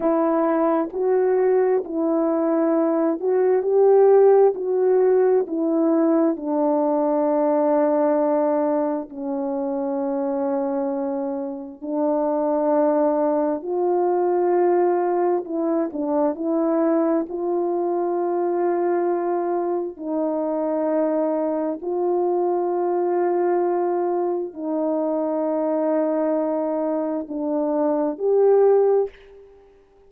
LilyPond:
\new Staff \with { instrumentName = "horn" } { \time 4/4 \tempo 4 = 66 e'4 fis'4 e'4. fis'8 | g'4 fis'4 e'4 d'4~ | d'2 cis'2~ | cis'4 d'2 f'4~ |
f'4 e'8 d'8 e'4 f'4~ | f'2 dis'2 | f'2. dis'4~ | dis'2 d'4 g'4 | }